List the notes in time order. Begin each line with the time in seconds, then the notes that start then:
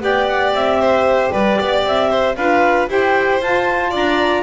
0.00 B3 G4 D5 G5
0.27 F#5
0.53 C4 E5
0.81 C5
1.32 G3 B4 D5
1.59 B3 D5
1.85 C4 E5
2.10 C5
2.36 D4 F4 B4 F5
2.88 E4 G4 C5 G5
3.41 F4 A5
3.90 D4 D5 A#5